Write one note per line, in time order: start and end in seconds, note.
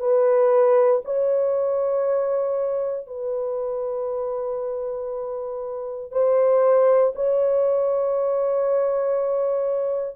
0.00 1.02 B4
1.05 3.07 C#5
3.07 6.12 B4
6.12 7.14 C5
7.16 10.16 C#5